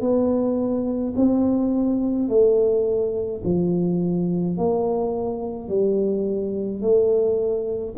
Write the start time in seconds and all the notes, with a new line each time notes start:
0.00 B3
1.16 C4
2.28 A3
3.44 F3
4.57 A#3
5.68 G3
6.81 A3